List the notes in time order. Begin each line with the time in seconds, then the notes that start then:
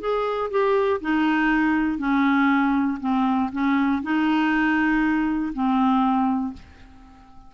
0.00 G#4
0.50 G4
1.01 D#4
1.98 C#4
3.00 C4
3.52 C#4
4.02 D#4
5.53 C4